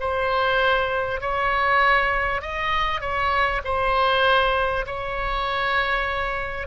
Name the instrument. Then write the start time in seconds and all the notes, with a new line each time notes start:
oboe
0.00 C5
1.21 C#5
2.41 D#5
3.01 C#5
3.64 C5
4.87 C#5